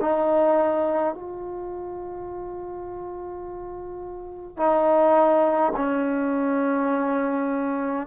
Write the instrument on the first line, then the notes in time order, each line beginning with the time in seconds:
trombone
0.00 D#4
1.14 F4
4.57 D#4
5.76 C#4